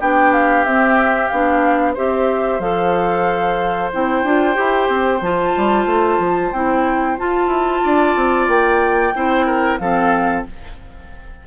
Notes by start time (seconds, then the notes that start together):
0.00 B3 D4 G4 G5
0.33 F5
0.65 C4 E5
1.28 B3 D4 F5
1.94 C4 G4 C5 E5
2.59 F3 A4 F5
3.93 C4 E4 G5
4.23 D4 F4
4.54 E4 G4
4.89 C4
5.21 F3 F4 A5
5.57 G3
5.86 A3
6.18 F3
6.52 C4 E4 G5
7.18 F4 A5
7.47 E4
7.84 D4 D5
8.16 C4
8.48 A#3 G5
9.14 C4 E4 C5
9.46 A#4
9.78 F3 C4 A4 F5